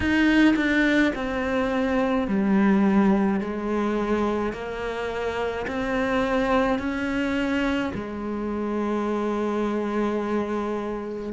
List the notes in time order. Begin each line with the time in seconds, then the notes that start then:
0.00 D#4
0.56 D4
1.15 C4
2.27 G3
3.40 G#3
4.52 A#3
5.67 C4
6.79 C#4
7.94 G#3